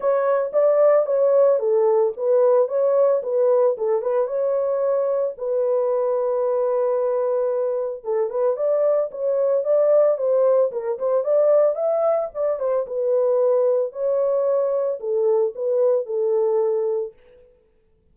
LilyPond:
\new Staff \with { instrumentName = "horn" } { \time 4/4 \tempo 4 = 112 cis''4 d''4 cis''4 a'4 | b'4 cis''4 b'4 a'8 b'8 | cis''2 b'2~ | b'2. a'8 b'8 |
d''4 cis''4 d''4 c''4 | ais'8 c''8 d''4 e''4 d''8 c''8 | b'2 cis''2 | a'4 b'4 a'2 | }